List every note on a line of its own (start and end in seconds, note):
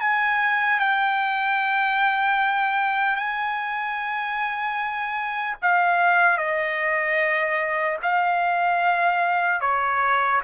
0.00 0.79 G#5
0.79 3.16 G5
3.16 5.56 G#5
5.61 6.37 F5
6.37 7.97 D#5
8.02 9.60 F5
9.60 10.40 C#5